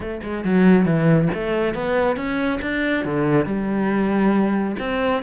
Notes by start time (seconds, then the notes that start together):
0.00 A3
0.23 G#3
0.44 F#3
0.85 E3
1.34 A3
1.74 B3
2.16 C#4
2.61 D4
3.04 D3
3.45 G3
4.79 C4